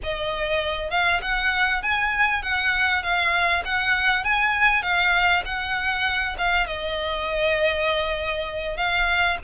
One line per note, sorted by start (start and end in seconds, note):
0.03 0.90 D#5
0.90 1.20 F5
1.21 1.82 F#5
1.82 2.42 G#5
2.42 3.02 F#5
3.02 3.63 F5
3.64 4.23 F#5
4.23 4.82 G#5
4.82 5.42 F5
5.45 6.36 F#5
6.38 6.66 F5
6.66 8.77 D#5
8.77 9.37 F5